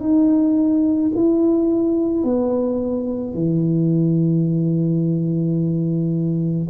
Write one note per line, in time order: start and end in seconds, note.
0.00 1.11 D#4
1.15 2.24 E4
2.24 3.34 B3
3.34 6.68 E3